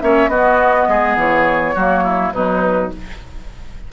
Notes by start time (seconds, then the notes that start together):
0.00 A#3 C#4 C#5 E5
0.28 B3 F#4 D#5
0.88 G#3 G#4
1.16 E3 C#5
1.75 F#3 A#3 F#4
2.04 E4
2.33 B2 F#3 D#4 B4